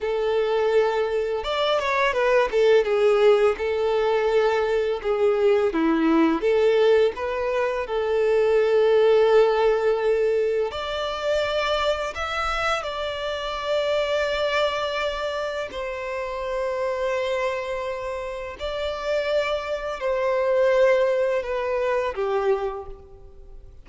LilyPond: \new Staff \with { instrumentName = "violin" } { \time 4/4 \tempo 4 = 84 a'2 d''8 cis''8 b'8 a'8 | gis'4 a'2 gis'4 | e'4 a'4 b'4 a'4~ | a'2. d''4~ |
d''4 e''4 d''2~ | d''2 c''2~ | c''2 d''2 | c''2 b'4 g'4 | }